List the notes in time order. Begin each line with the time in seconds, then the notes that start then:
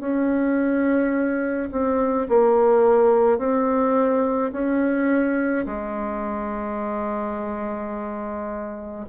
0.00 C#4
1.71 C4
2.29 A#3
3.39 C4
4.52 C#4
5.66 G#3